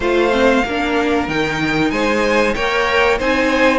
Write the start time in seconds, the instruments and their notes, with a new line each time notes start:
0.00 cello A3, viola F4, violin C5 F5
0.31 viola C4
0.64 cello A#3, viola D4, violin A#4
1.28 cello D#3, viola D#4, violin G5
1.90 cello G#3, violin C5 G#5
2.54 cello A#3, viola A#4, violin C#5 G5
3.18 cello C4, viola D#4, violin C5 G#5